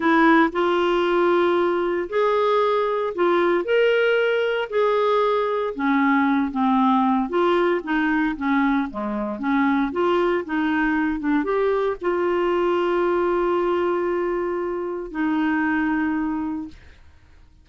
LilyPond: \new Staff \with { instrumentName = "clarinet" } { \time 4/4 \tempo 4 = 115 e'4 f'2. | gis'2 f'4 ais'4~ | ais'4 gis'2 cis'4~ | cis'8 c'4. f'4 dis'4 |
cis'4 gis4 cis'4 f'4 | dis'4. d'8 g'4 f'4~ | f'1~ | f'4 dis'2. | }